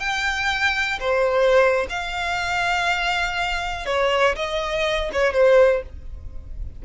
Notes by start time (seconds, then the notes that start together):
0.00 G5
1.00 C5
1.90 F5
3.86 C#5
4.36 D#5
5.13 C#5
5.33 C5